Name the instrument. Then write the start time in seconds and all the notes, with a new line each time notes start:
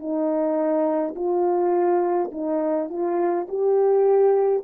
horn
0.00 D#4
1.16 F4
2.32 D#4
2.90 F4
3.49 G4